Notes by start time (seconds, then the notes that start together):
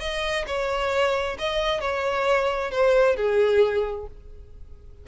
0.00 D#5
0.47 C#5
1.39 D#5
1.81 C#5
2.71 C5
3.16 G#4